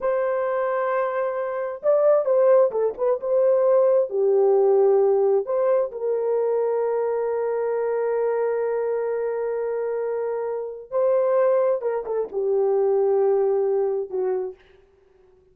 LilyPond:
\new Staff \with { instrumentName = "horn" } { \time 4/4 \tempo 4 = 132 c''1 | d''4 c''4 a'8 b'8 c''4~ | c''4 g'2. | c''4 ais'2.~ |
ais'1~ | ais'1 | c''2 ais'8 a'8 g'4~ | g'2. fis'4 | }